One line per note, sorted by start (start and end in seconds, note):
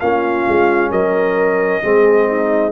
0.00 0.46 A#3
0.00 1.82 C#4
0.00 0.91 F4
0.00 0.91 F5
0.48 0.91 G#3
0.91 1.82 F#3
0.91 1.82 A#4
0.91 2.72 D#5
1.82 2.72 G#3
1.82 2.72 C4
1.82 2.27 G#4
2.27 2.72 D#4